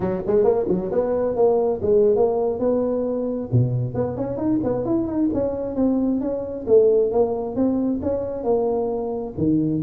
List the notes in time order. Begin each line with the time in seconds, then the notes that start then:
0.00 F#3
0.26 G#3
0.43 A#3
0.68 F#3
0.91 B3
1.35 A#3
1.82 G#3
2.15 A#3
2.59 B3
3.52 B2
3.94 B3
4.16 C#4
4.37 D#4
4.63 B3
4.85 E4
5.07 D#4
5.33 C#4
5.75 C4
6.20 C#4
6.67 A3
7.11 A#3
7.55 C4
8.02 C#4
8.43 A#3
9.37 D#3